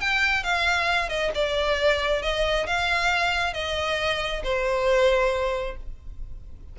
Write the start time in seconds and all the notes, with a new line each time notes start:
0.00 G5
0.43 F5
1.09 D#5
1.35 D5
2.22 D#5
2.66 F5
3.54 D#5
4.43 C5